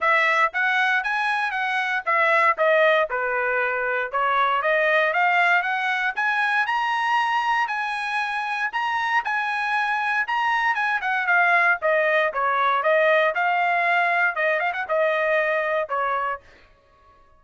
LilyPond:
\new Staff \with { instrumentName = "trumpet" } { \time 4/4 \tempo 4 = 117 e''4 fis''4 gis''4 fis''4 | e''4 dis''4 b'2 | cis''4 dis''4 f''4 fis''4 | gis''4 ais''2 gis''4~ |
gis''4 ais''4 gis''2 | ais''4 gis''8 fis''8 f''4 dis''4 | cis''4 dis''4 f''2 | dis''8 f''16 fis''16 dis''2 cis''4 | }